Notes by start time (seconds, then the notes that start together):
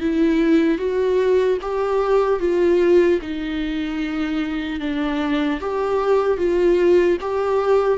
0.00 E4
0.78 F#4
1.61 G4
2.39 F4
3.21 D#4
4.80 D4
5.60 G4
6.37 F4
7.20 G4